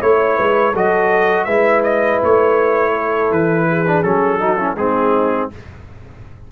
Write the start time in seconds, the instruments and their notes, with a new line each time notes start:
0.00 tuba A3, trombone E4, horn C#5, trumpet C#5
0.37 tuba G#3, horn B4
0.72 tuba F#3, trombone F#4, horn A4, trumpet D#5
1.44 tuba G#3, trombone E4, horn B4, trumpet E5
1.83 trumpet D#5
2.24 tuba A3, trumpet C#5
2.94 horn A4
3.31 tuba E3, trumpet B4
3.70 horn G#4
3.87 trombone D4
4.03 tuba F#3, trombone C#4, trumpet A4
4.39 trombone D#4, horn F#4
4.57 trombone C#4, horn E4
4.75 tuba G#3, trombone C4, horn D#4, trumpet G#4